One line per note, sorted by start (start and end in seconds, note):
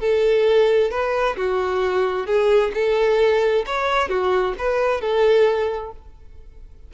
0.00 0.91 A4
0.91 1.36 B4
1.36 2.26 F#4
2.26 2.72 G#4
2.74 3.65 A4
3.66 4.09 C#5
4.09 4.54 F#4
4.58 5.01 B4
5.01 5.92 A4